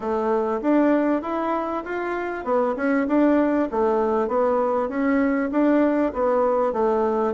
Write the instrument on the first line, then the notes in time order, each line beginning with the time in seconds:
bassoon
0.00 A3
0.61 D4
1.22 E4
1.85 F4
2.44 B3
2.76 C#4
3.07 D4
3.71 A3
4.27 B3
4.88 C#4
5.51 D4
6.13 B3
6.72 A3